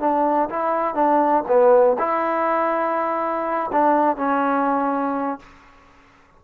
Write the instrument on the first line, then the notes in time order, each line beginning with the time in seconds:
trombone
0.00 D4
0.50 E4
0.95 D4
1.48 B3
1.99 E4
3.72 D4
4.17 C#4